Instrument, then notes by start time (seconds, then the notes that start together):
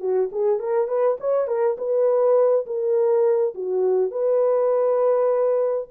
horn
0.00 F#4
0.31 G#4
0.59 A#4
0.87 B4
1.20 C#5
1.47 A#4
1.77 B4
2.66 A#4
3.54 F#4
4.11 B4